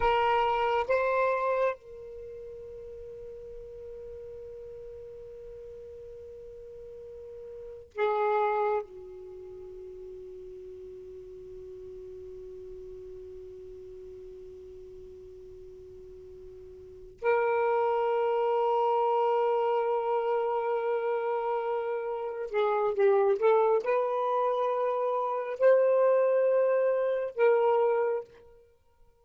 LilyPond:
\new Staff \with { instrumentName = "saxophone" } { \time 4/4 \tempo 4 = 68 ais'4 c''4 ais'2~ | ais'1~ | ais'4 gis'4 fis'2~ | fis'1~ |
fis'2.~ fis'8 ais'8~ | ais'1~ | ais'4. gis'8 g'8 a'8 b'4~ | b'4 c''2 ais'4 | }